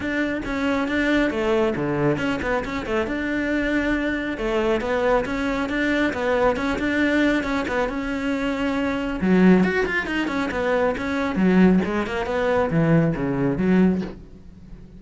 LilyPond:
\new Staff \with { instrumentName = "cello" } { \time 4/4 \tempo 4 = 137 d'4 cis'4 d'4 a4 | d4 cis'8 b8 cis'8 a8 d'4~ | d'2 a4 b4 | cis'4 d'4 b4 cis'8 d'8~ |
d'4 cis'8 b8 cis'2~ | cis'4 fis4 fis'8 f'8 dis'8 cis'8 | b4 cis'4 fis4 gis8 ais8 | b4 e4 cis4 fis4 | }